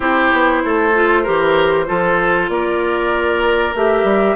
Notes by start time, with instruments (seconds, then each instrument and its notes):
0.00 bassoon C4, clarinet E4, oboe G4, flute C5
0.32 bassoon B3
0.65 bassoon A3, oboe A4
0.94 clarinet F4
1.22 bassoon E3, clarinet G4, oboe A#4
1.86 bassoon F3, clarinet F4, oboe A4
2.48 bassoon A#3, oboe A#4, flute D5
3.74 bassoon A3, clarinet G4, flute E5
4.03 bassoon G3